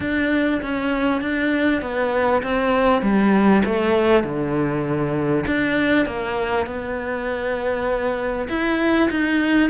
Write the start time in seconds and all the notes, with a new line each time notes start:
0.00 D4
0.62 C#4
1.21 D4
1.81 B3
2.42 C4
3.02 G3
3.65 A3
4.23 D3
5.47 D4
6.06 A#3
6.66 B3
8.48 E4
9.10 D#4